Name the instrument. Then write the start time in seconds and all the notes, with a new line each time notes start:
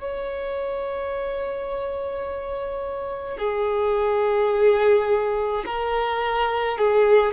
violin
0.00 C#5
3.38 G#4
5.66 A#4
6.78 G#4